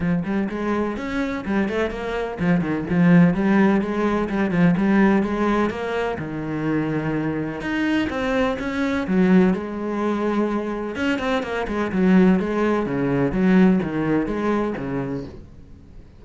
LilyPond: \new Staff \with { instrumentName = "cello" } { \time 4/4 \tempo 4 = 126 f8 g8 gis4 cis'4 g8 a8 | ais4 f8 dis8 f4 g4 | gis4 g8 f8 g4 gis4 | ais4 dis2. |
dis'4 c'4 cis'4 fis4 | gis2. cis'8 c'8 | ais8 gis8 fis4 gis4 cis4 | fis4 dis4 gis4 cis4 | }